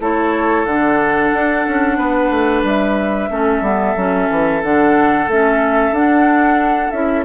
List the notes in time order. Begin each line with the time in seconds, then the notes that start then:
0.00 A3 E4 A4 C#5
0.65 D3 D4 F#5
1.33 D4
1.67 C#4
1.98 B3 B4
2.31 A3
2.63 G3 E5
3.30 A3 C#4 A4
3.62 G3 B3
3.96 F#3 C#4
4.31 E3
4.63 D3 D4 F#5
5.28 A3 C#4 E5
5.91 D4 F#5
6.91 C#4 E4 E5